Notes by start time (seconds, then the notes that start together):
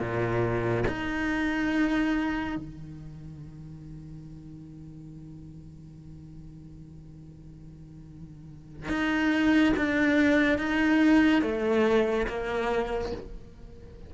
0.00 A#2
0.88 D#4
2.56 D#3
8.89 D#4
9.77 D4
10.58 D#4
11.42 A3
12.28 A#3